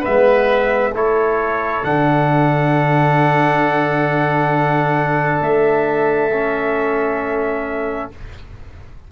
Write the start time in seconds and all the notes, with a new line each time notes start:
0.00 B3 B4 E5
0.07 G#3
0.93 A3 E4 A4 C#5
1.83 D3 D4 F#5
5.41 A3 E5
6.33 C#4